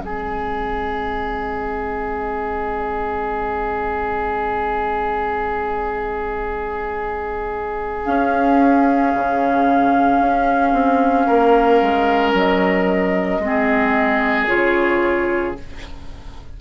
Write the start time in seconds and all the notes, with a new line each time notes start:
0.00 G#3 C4 G#4 D#5
8.05 C#4 F5
9.14 C#3
10.21 C#4
10.73 C4
11.26 A#3 A#4
11.81 G#3
12.33 F#3 D#5
13.39 G#3 C4
13.46 G#4
14.46 C#3 F4 C#5